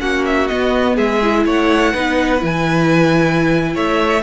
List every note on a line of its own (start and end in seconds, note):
0.00 0.50 A#3
0.00 0.48 C#4
0.00 0.96 F#4
0.00 0.25 F#5
0.26 0.48 E5
0.48 1.22 B3
0.48 0.98 B3
0.48 0.96 D#5
0.96 1.46 G#3
0.96 1.44 G#4
0.96 1.46 E5
1.23 1.95 E4
1.46 1.95 A3
1.46 1.93 C#5
1.46 2.45 F#5
1.93 2.43 B3
1.93 2.39 D#4
1.93 3.74 B4
2.39 3.76 E3
2.39 4.21 E4
2.39 3.77 G#5
3.75 4.24 A3
3.75 4.23 C#5
3.75 4.24 E5